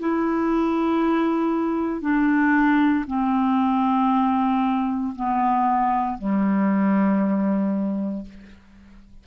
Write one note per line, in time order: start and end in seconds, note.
0.00 2.02 E4
2.02 3.05 D4
3.08 5.14 C4
5.16 6.18 B3
6.18 8.25 G3